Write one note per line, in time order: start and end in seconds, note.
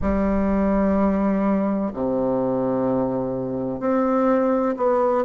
0.01 1.92 G3
1.93 3.80 C3
3.80 4.75 C4
4.77 5.24 B3